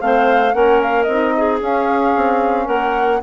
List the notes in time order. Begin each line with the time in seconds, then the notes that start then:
0.00 A3 C4 C5 F5
0.52 A#3 C#4 A#4 F#5
0.82 F5
1.03 C4 D#5
1.10 D#4
1.37 G#4
1.60 C#4 F5
2.16 C4
2.65 A#3 A#4 F#5